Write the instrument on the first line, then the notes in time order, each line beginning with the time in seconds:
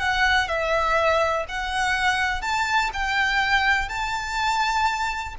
violin
0.00 F#5
0.48 E5
1.49 F#5
2.42 A5
2.94 G5
3.89 A5